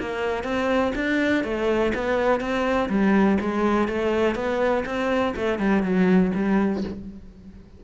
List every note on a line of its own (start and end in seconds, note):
0.00 0.43 A#3
0.43 0.92 C4
0.95 1.44 D4
1.44 1.93 A3
1.94 2.40 B3
2.40 2.89 C4
2.89 3.38 G3
3.40 3.88 G#3
3.88 4.35 A3
4.35 4.84 B3
4.85 5.34 C4
5.36 5.59 A3
5.59 5.83 G3
5.83 6.31 F#3
6.35 6.83 G3